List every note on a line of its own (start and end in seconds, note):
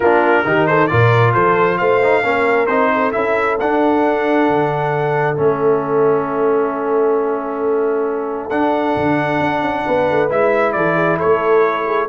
0.00 0.43 A#3
0.00 0.45 D4
0.00 0.45 F4
0.00 0.66 A#4
0.45 0.90 D#3
0.45 0.89 D#4
0.45 0.68 G4
0.66 0.90 A4
0.66 0.87 C5
0.87 1.35 A#2
0.87 2.01 F4
0.87 1.33 A#4
0.87 1.32 D5
1.33 1.80 F3
1.33 1.78 A4
1.33 1.77 C5
1.77 2.23 A3
1.77 2.22 C5
1.77 2.66 F5
2.03 2.23 D#4
2.23 2.67 A#3
2.23 2.68 C#4
2.23 2.92 A#4
2.66 3.12 C4
2.66 3.13 D#4
2.66 3.11 C5
2.93 9.85 A4
3.12 3.60 C#4
3.12 3.58 E4
3.12 3.57 E5
3.59 4.48 D4
3.59 5.36 D4
3.59 5.38 F#5
4.48 5.38 D3
5.36 8.51 A3
5.36 8.50 C#4
5.36 8.49 E5
8.49 10.29 D4
8.49 8.95 D4
8.49 10.28 F#5
8.96 9.40 D3
9.40 9.61 D4
9.61 9.83 C#4
9.85 10.10 B3
9.85 10.74 B4
10.10 10.31 A3
10.29 10.75 G#3
10.29 12.08 E4
10.29 10.72 E5
10.72 11.19 E3
10.72 10.95 A4
10.72 11.17 D5
10.95 11.17 G#4
11.17 11.85 A4
11.17 12.08 C#5
11.24 12.08 A3
11.85 12.07 G#4